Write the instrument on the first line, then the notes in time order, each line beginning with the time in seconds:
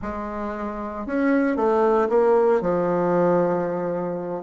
bassoon
0.01 G#3
1.06 C#4
1.56 A3
2.09 A#3
2.61 F3